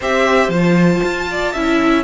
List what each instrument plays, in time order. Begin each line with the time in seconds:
0.00 cello C4, viola G4, violin C5 E5
0.48 cello F3, viola F4, violin A5
1.03 cello F4
1.30 violin D5
1.52 cello C#4, viola E4, violin E5